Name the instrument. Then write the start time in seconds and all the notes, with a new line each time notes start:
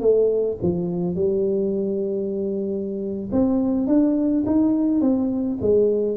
tuba
0.00 A3
0.62 F3
1.15 G3
3.32 C4
3.87 D4
4.46 D#4
5.01 C4
5.61 G#3